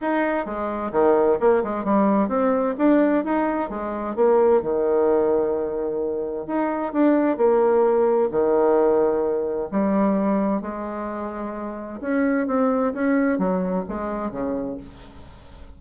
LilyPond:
\new Staff \with { instrumentName = "bassoon" } { \time 4/4 \tempo 4 = 130 dis'4 gis4 dis4 ais8 gis8 | g4 c'4 d'4 dis'4 | gis4 ais4 dis2~ | dis2 dis'4 d'4 |
ais2 dis2~ | dis4 g2 gis4~ | gis2 cis'4 c'4 | cis'4 fis4 gis4 cis4 | }